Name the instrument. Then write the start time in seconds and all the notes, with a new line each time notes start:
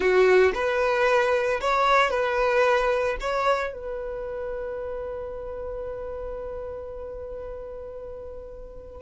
violin
0.00 F#4
0.54 B4
1.60 C#5
2.10 B4
3.20 C#5
3.73 B4